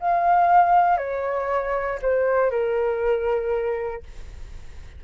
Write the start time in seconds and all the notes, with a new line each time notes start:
0.00 F5
0.98 C#5
2.02 C5
2.51 A#4